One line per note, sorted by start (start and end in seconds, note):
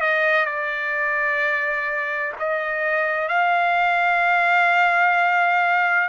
0.00 0.46 D#5
0.46 2.33 D5
2.39 3.28 D#5
3.28 6.09 F5